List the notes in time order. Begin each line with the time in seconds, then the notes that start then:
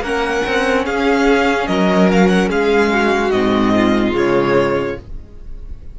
0.00 A#3 C#4 A#4 F#5
0.46 C4
0.85 C#4 G#4 F5
1.67 F#3 A#4 D#5
2.11 F5
2.28 F#5
2.49 G#3 G#4 F5
2.92 F#4
3.31 G#2 C4 D#5
3.75 F4
4.12 C#3 G#3 C#5